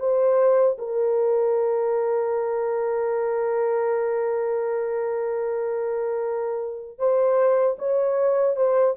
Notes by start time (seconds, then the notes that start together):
0.00 C5
0.79 A#4
6.99 C5
7.79 C#5
8.56 C5